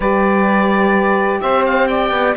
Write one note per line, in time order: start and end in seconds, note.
0.00 1.40 G3
0.00 2.36 G4
0.00 1.40 B4
0.00 1.40 D5
1.40 2.10 C4
1.40 1.88 C5
1.40 1.64 E5
1.66 1.87 F5
1.87 2.36 D5
1.87 2.34 G5
2.10 2.34 B3